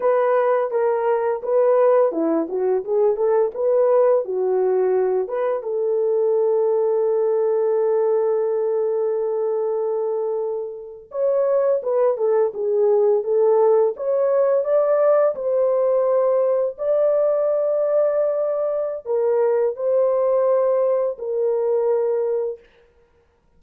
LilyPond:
\new Staff \with { instrumentName = "horn" } { \time 4/4 \tempo 4 = 85 b'4 ais'4 b'4 e'8 fis'8 | gis'8 a'8 b'4 fis'4. b'8 | a'1~ | a'2.~ a'8. cis''16~ |
cis''8. b'8 a'8 gis'4 a'4 cis''16~ | cis''8. d''4 c''2 d''16~ | d''2. ais'4 | c''2 ais'2 | }